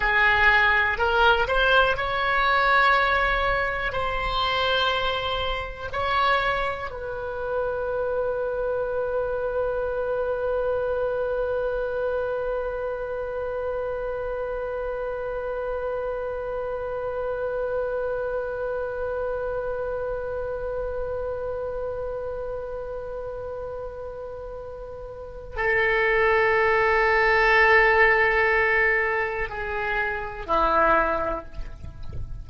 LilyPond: \new Staff \with { instrumentName = "oboe" } { \time 4/4 \tempo 4 = 61 gis'4 ais'8 c''8 cis''2 | c''2 cis''4 b'4~ | b'1~ | b'1~ |
b'1~ | b'1~ | b'2 a'2~ | a'2 gis'4 e'4 | }